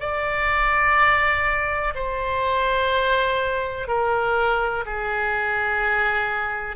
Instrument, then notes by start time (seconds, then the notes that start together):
oboe
0.00 D5
1.95 C5
3.88 A#4
4.86 G#4